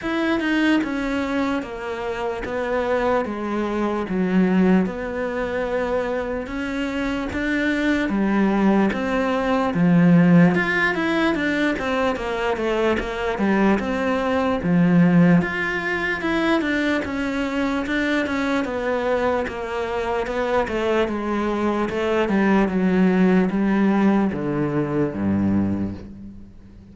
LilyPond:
\new Staff \with { instrumentName = "cello" } { \time 4/4 \tempo 4 = 74 e'8 dis'8 cis'4 ais4 b4 | gis4 fis4 b2 | cis'4 d'4 g4 c'4 | f4 f'8 e'8 d'8 c'8 ais8 a8 |
ais8 g8 c'4 f4 f'4 | e'8 d'8 cis'4 d'8 cis'8 b4 | ais4 b8 a8 gis4 a8 g8 | fis4 g4 d4 g,4 | }